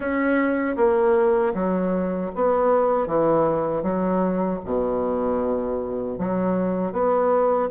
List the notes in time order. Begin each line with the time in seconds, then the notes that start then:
0.00 C#4
0.76 A#3
1.53 F#3
2.35 B3
3.06 E3
3.83 F#3
4.64 B2
6.18 F#3
6.92 B3